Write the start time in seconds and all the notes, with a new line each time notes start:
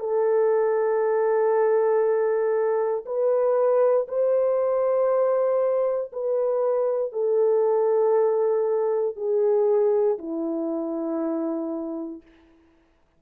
0.00 A4
3.06 B4
4.08 C5
6.12 B4
7.13 A4
9.16 G#4
10.19 E4